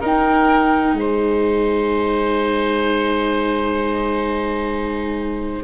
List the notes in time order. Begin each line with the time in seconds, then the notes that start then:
0.00 D#4 A#4 G5
0.93 G#3 C5 G#5